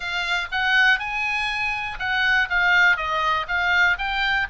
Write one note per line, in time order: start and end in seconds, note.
0.00 0.47 F5
0.51 0.99 F#5
0.99 1.98 G#5
1.99 2.49 F#5
2.49 2.96 F5
2.96 3.46 D#5
3.48 3.97 F5
3.98 4.47 G5